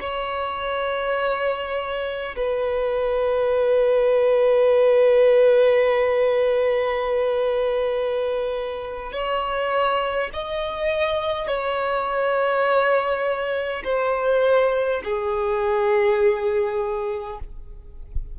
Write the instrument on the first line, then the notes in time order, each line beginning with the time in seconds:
violin
0.00 C#5
2.36 B4
9.12 C#5
10.33 D#5
11.48 C#5
13.84 C5
15.04 G#4